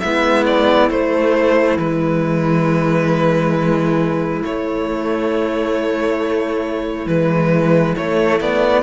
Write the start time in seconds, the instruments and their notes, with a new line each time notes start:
0.00 cello G#3 B3, clarinet E4, violin E5
0.46 violin D5
0.89 cello A3, violin C5
1.77 cello E3 G#3, violin B4
4.42 cello A3, violin C#5
7.06 cello E3 G#3, violin B4
7.96 cello A3, violin C#5
8.41 cello B3, violin D5